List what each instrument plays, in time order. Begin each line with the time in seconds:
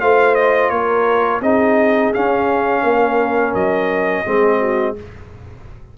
0.00 tuba A3, trombone F4, horn C5, trumpet F5
0.35 trumpet D#5
0.70 tuba A#3, horn A#4, trumpet C#5
1.41 tuba C4, trombone D#4, horn G#4, trumpet D#5
2.14 trombone C#4, tuba C#4, trumpet F5
2.84 tuba A#3, horn A#4
3.54 tuba F#3, trumpet D#5
4.26 tuba G#3, trombone C4, horn G#4
4.60 horn F#4